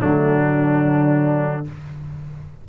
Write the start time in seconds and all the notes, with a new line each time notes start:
0.00 D3 F#3 A3 D4
0.45 D4